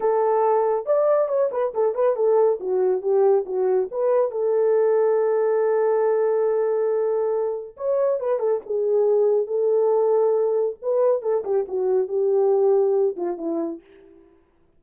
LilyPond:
\new Staff \with { instrumentName = "horn" } { \time 4/4 \tempo 4 = 139 a'2 d''4 cis''8 b'8 | a'8 b'8 a'4 fis'4 g'4 | fis'4 b'4 a'2~ | a'1~ |
a'2 cis''4 b'8 a'8 | gis'2 a'2~ | a'4 b'4 a'8 g'8 fis'4 | g'2~ g'8 f'8 e'4 | }